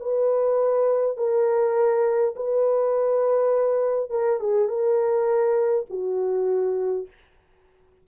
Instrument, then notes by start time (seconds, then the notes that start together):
horn
0.00 B4
1.17 A#4
2.36 B4
4.10 A#4
4.40 G#4
4.68 A#4
5.90 F#4